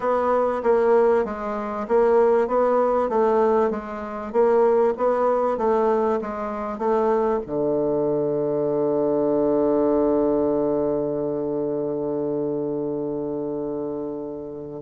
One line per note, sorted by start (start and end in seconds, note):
0.00 0.62 B3
0.63 1.25 A#3
1.25 1.86 G#3
1.88 2.47 A#3
2.47 3.09 B3
3.09 3.70 A3
3.70 4.32 G#3
4.32 4.94 A#3
4.97 5.57 B3
5.57 6.19 A3
6.21 6.78 G#3
6.78 7.40 A3
7.46 14.82 D3